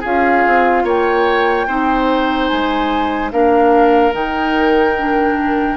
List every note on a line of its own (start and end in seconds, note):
0.00 0.46 C#4
0.00 1.68 F4
0.00 0.82 G#4
0.00 0.86 F5
0.46 0.84 C4
0.84 1.66 A#3
0.84 1.66 C#5
0.84 2.47 G5
1.67 2.49 C4
1.67 3.31 D#4
1.67 3.31 C5
2.47 3.32 G#3
2.47 3.29 G#5
3.31 4.13 A#3
3.31 4.11 D4
3.31 5.76 A#4
3.31 4.13 F5
4.11 5.76 D#3
4.11 4.94 D#4
4.11 5.76 G5
4.98 5.76 D4